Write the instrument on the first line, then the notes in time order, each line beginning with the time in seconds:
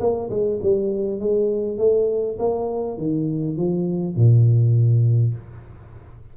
tuba
0.00 A#3
0.30 G#3
0.63 G3
1.20 G#3
1.78 A3
2.39 A#3
2.98 D#3
3.57 F3
4.16 A#2